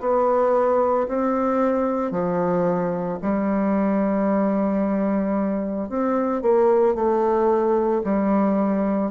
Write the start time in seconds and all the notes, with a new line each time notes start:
0.00 B3
1.08 C4
2.11 F3
3.22 G3
5.89 C4
6.42 A#3
6.95 A3
8.04 G3